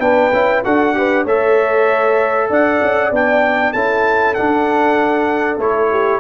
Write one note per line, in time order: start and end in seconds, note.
0.00 0.31 B3
0.00 0.32 D4
0.00 0.64 B4
0.00 0.63 G5
0.33 0.64 C#4
0.33 0.65 E4
0.64 1.26 D4
0.64 0.95 F#4
0.64 0.95 A4
0.64 1.26 F#5
0.95 1.26 G4
0.95 1.24 B4
1.24 2.49 A3
1.24 3.13 A4
1.24 2.48 C#5
1.24 2.51 E5
2.50 2.81 D4
2.50 3.74 D5
2.50 3.14 F#5
2.83 3.11 C#4
3.11 3.73 B3
3.11 3.75 D4
3.11 3.73 G5
3.73 4.37 C#4
3.73 4.36 E4
3.73 5.90 A4
3.73 4.35 A5
4.35 5.60 D4
4.35 5.58 D4
4.35 5.58 F#5
5.58 6.20 A3
5.58 6.20 E4
5.58 6.20 C#5
5.91 6.20 G4